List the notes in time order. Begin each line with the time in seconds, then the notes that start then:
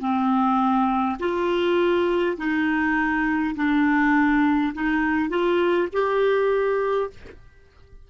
0.00 C4
1.20 F4
2.38 D#4
3.56 D4
4.75 D#4
5.30 F4
5.93 G4